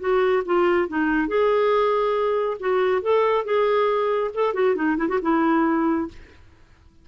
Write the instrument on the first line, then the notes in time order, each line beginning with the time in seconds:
clarinet
0.00 F#4
0.46 F4
0.88 D#4
1.28 G#4
2.60 F#4
3.02 A4
3.45 G#4
4.35 A4
4.54 F#4
4.76 D#4
4.98 E4
5.09 F#4
5.22 E4